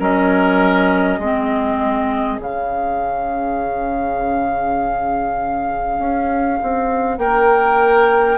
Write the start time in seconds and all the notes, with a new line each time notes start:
0.00 F#3 C#4 A#4 D#5
1.19 G#3 C4 G#4
2.40 C#3 C#4 F5
5.99 C#4
6.63 C4
7.18 A#3 A#4 G5